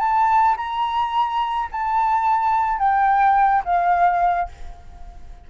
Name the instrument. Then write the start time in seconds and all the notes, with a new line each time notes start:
flute
0.00 A5
0.57 A#5
1.72 A5
2.79 G5
3.65 F5